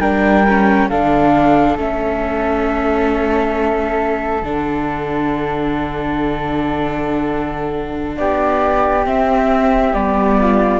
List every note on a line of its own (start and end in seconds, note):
0.00 0.89 G3
0.00 0.45 D4
0.00 0.88 A#4
0.00 0.88 G5
0.48 0.91 C#4
0.89 1.77 D3
0.89 1.78 D4
0.89 8.17 A4
0.89 1.77 F5
1.77 4.42 A3
1.77 4.43 C#4
1.77 4.43 E5
4.42 8.17 D3
4.42 9.04 D4
4.42 8.17 F#5
8.17 9.06 B3
8.17 10.40 G4
8.17 9.05 D5
9.04 9.92 C4
9.04 9.94 C4
9.04 9.93 E5
9.93 10.80 G3
9.93 10.80 B3
9.93 10.80 D5
10.40 10.80 F4